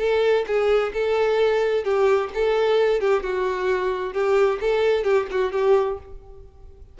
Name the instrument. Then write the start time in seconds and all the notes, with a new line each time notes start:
violin
0.00 A4
0.47 G#4
0.94 A4
1.84 G4
2.35 A4
3.01 G4
3.23 F#4
4.14 G4
4.61 A4
5.04 G4
5.31 F#4
5.53 G4